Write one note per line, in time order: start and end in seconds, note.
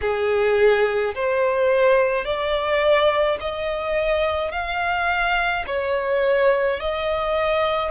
0.01 1.14 G#4
1.14 2.24 C5
2.24 3.38 D5
3.40 4.51 D#5
4.51 5.64 F5
5.67 6.80 C#5
6.80 7.91 D#5